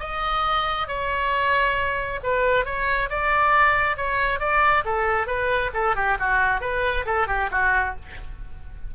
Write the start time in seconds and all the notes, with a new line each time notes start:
0.00 D#5
0.88 C#5
2.23 B4
2.65 C#5
3.10 D5
3.97 C#5
4.40 D5
4.85 A4
5.27 B4
5.74 A4
5.96 G4
6.19 F#4
6.61 B4
7.06 A4
7.28 G4
7.51 F#4